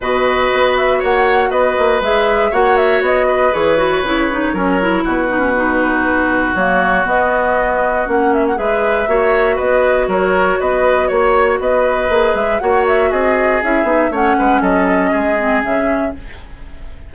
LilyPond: <<
  \new Staff \with { instrumentName = "flute" } { \time 4/4 \tempo 4 = 119 dis''4. e''8 fis''4 dis''4 | e''4 fis''8 e''8 dis''4 cis''4~ | cis''2 b'2~ | b'4 cis''4 dis''2 |
fis''8 e''16 fis''16 e''2 dis''4 | cis''4 dis''4 cis''4 dis''4~ | dis''8 e''8 fis''8 e''8 dis''4 e''4 | fis''4 dis''2 e''4 | }
  \new Staff \with { instrumentName = "oboe" } { \time 4/4 b'2 cis''4 b'4~ | b'4 cis''4. b'4.~ | b'4 ais'4 fis'2~ | fis'1~ |
fis'4 b'4 cis''4 b'4 | ais'4 b'4 cis''4 b'4~ | b'4 cis''4 gis'2 | cis''8 b'8 a'4 gis'2 | }
  \new Staff \with { instrumentName = "clarinet" } { \time 4/4 fis'1 | gis'4 fis'2 gis'8 fis'8 | e'8 dis'8 cis'8 e'4 dis'16 cis'16 dis'4~ | dis'4 ais4 b2 |
cis'4 gis'4 fis'2~ | fis'1 | gis'4 fis'2 e'8 dis'8 | cis'2~ cis'8 c'8 cis'4 | }
  \new Staff \with { instrumentName = "bassoon" } { \time 4/4 b,4 b4 ais4 b8 ais8 | gis4 ais4 b4 e4 | cis4 fis4 b,2~ | b,4 fis4 b2 |
ais4 gis4 ais4 b4 | fis4 b4 ais4 b4 | ais8 gis8 ais4 c'4 cis'8 b8 | a8 gis8 fis4 gis4 cis4 | }
>>